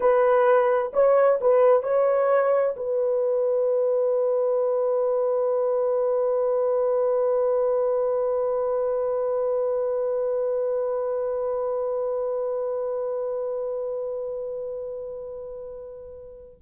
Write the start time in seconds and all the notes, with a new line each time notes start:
0.00 B4
0.93 C#5
1.41 B4
1.83 C#5
2.76 B4